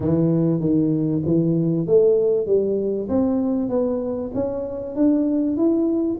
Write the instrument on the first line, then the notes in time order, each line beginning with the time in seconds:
tuba
0.00 E3
0.60 D#3
1.25 E3
1.86 A3
2.46 G3
3.08 C4
3.69 B3
4.34 C#4
4.95 D4
5.56 E4